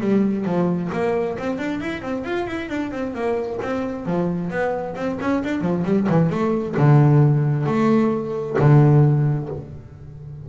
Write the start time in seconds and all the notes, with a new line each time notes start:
0.00 G3
0.45 F3
0.92 A#3
1.38 C4
1.58 D4
1.80 E4
2.02 C4
2.24 F4
2.47 E4
2.69 D4
2.92 C4
3.14 A#3
3.62 C4
4.06 F3
4.50 B3
4.96 C4
5.21 C#4
5.44 D4
5.61 F3
5.85 G3
6.08 E3
6.30 A3
6.77 D3
7.66 A3
8.59 D3